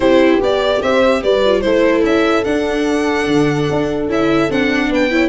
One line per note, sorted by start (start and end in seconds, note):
0.00 0.40 C4
0.00 0.40 E4
0.00 0.80 G4
0.00 0.40 C5
0.40 0.81 B3
0.40 1.42 G4
0.40 0.82 D5
0.81 1.23 C4
0.81 1.21 C5
0.81 1.22 E5
1.23 1.64 G3
1.23 1.64 B4
1.23 1.60 D5
1.44 1.62 F4
1.60 2.03 A3
1.60 2.44 E4
1.60 4.90 A4
1.60 2.01 C5
2.03 2.44 C#4
2.03 2.44 E5
2.44 4.08 D4
2.44 3.27 D4
2.44 4.07 F#5
3.27 3.67 D3
3.70 4.07 D4
4.07 4.48 C#4
4.07 4.49 E4
4.07 4.51 E5
4.50 4.89 C4
4.50 5.10 D4
4.50 4.92 F#5
4.89 5.28 B3
4.89 5.11 B4
4.89 5.28 G5
5.10 5.28 E4
5.10 5.28 C#5